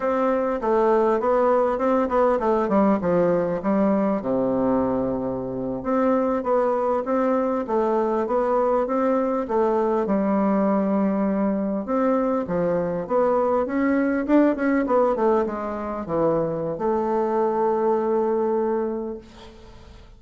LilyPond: \new Staff \with { instrumentName = "bassoon" } { \time 4/4 \tempo 4 = 100 c'4 a4 b4 c'8 b8 | a8 g8 f4 g4 c4~ | c4.~ c16 c'4 b4 c'16~ | c'8. a4 b4 c'4 a16~ |
a8. g2. c'16~ | c'8. f4 b4 cis'4 d'16~ | d'16 cis'8 b8 a8 gis4 e4~ e16 | a1 | }